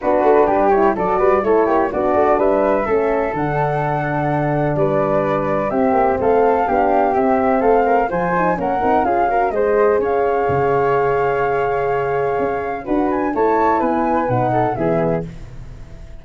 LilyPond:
<<
  \new Staff \with { instrumentName = "flute" } { \time 4/4 \tempo 4 = 126 b'4. cis''8 d''4 cis''4 | d''4 e''2 fis''4~ | fis''2 d''2 | e''4 f''2 e''4 |
f''4 gis''4 fis''4 f''4 | dis''4 f''2.~ | f''2. fis''8 gis''8 | a''4 gis''4 fis''4 e''4 | }
  \new Staff \with { instrumentName = "flute" } { \time 4/4 fis'4 g'4 a'8 b'8 a'8 g'8 | fis'4 b'4 a'2~ | a'2 b'2 | g'4 a'4 g'2 |
a'8 ais'8 c''4 ais'4 gis'8 ais'8 | c''4 cis''2.~ | cis''2. b'4 | cis''4 b'4. a'8 gis'4 | }
  \new Staff \with { instrumentName = "horn" } { \time 4/4 d'4. e'8 fis'4 e'4 | d'2 cis'4 d'4~ | d'1 | c'2 d'4 c'4~ |
c'4 f'8 dis'8 cis'8 dis'8 f'8 fis'8 | gis'1~ | gis'2. fis'4 | e'2 dis'4 b4 | }
  \new Staff \with { instrumentName = "tuba" } { \time 4/4 b8 a8 g4 fis8 g8 a8 ais8 | b8 a8 g4 a4 d4~ | d2 g2 | c'8 ais8 a4 b4 c'4 |
a4 f4 ais8 c'8 cis'4 | gis4 cis'4 cis2~ | cis2 cis'4 d'4 | a4 b4 b,4 e4 | }
>>